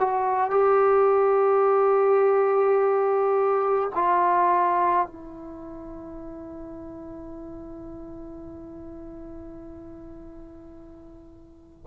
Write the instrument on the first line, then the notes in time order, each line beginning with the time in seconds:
trombone
0.00 F#4
0.51 G4
3.95 F4
5.07 E4